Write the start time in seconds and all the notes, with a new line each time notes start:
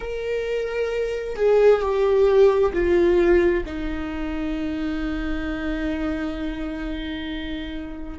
0.00 A#4
1.36 G#4
1.81 G4
2.73 F4
3.65 D#4